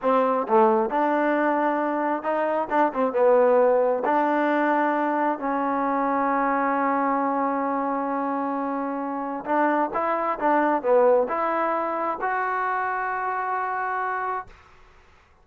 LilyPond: \new Staff \with { instrumentName = "trombone" } { \time 4/4 \tempo 4 = 133 c'4 a4 d'2~ | d'4 dis'4 d'8 c'8 b4~ | b4 d'2. | cis'1~ |
cis'1~ | cis'4 d'4 e'4 d'4 | b4 e'2 fis'4~ | fis'1 | }